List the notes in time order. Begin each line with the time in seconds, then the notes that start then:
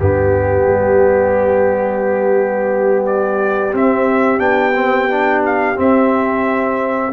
0.00 G2 B3 G4
0.67 G3
3.06 D5
3.73 C4 E5
4.38 B3 D4 G5
4.75 C4
5.10 D4
5.46 F5
5.76 C4 E5